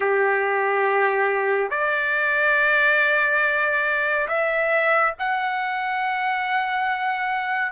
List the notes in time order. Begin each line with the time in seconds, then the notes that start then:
0.00 G4
1.70 D5
4.27 E5
5.18 F#5